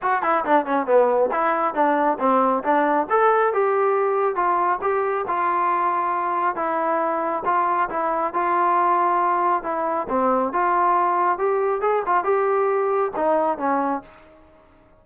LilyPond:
\new Staff \with { instrumentName = "trombone" } { \time 4/4 \tempo 4 = 137 fis'8 e'8 d'8 cis'8 b4 e'4 | d'4 c'4 d'4 a'4 | g'2 f'4 g'4 | f'2. e'4~ |
e'4 f'4 e'4 f'4~ | f'2 e'4 c'4 | f'2 g'4 gis'8 f'8 | g'2 dis'4 cis'4 | }